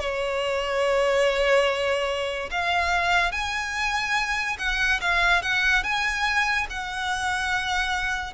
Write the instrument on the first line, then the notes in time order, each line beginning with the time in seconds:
violin
0.00 C#5
2.51 F5
3.32 G#5
4.59 F#5
5.01 F5
5.42 F#5
5.84 G#5
6.70 F#5